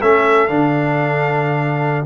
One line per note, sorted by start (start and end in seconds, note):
0.00 0.49 A3
0.00 0.48 C#4
0.00 2.06 A4
0.00 0.47 E5
0.47 2.06 D3
0.47 2.06 D4
0.47 2.05 F5